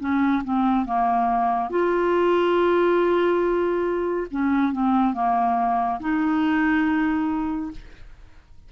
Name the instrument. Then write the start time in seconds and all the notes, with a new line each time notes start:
clarinet
0.00 C#4
0.44 C4
0.86 A#3
1.70 F4
4.31 C#4
4.73 C4
5.14 A#3
6.00 D#4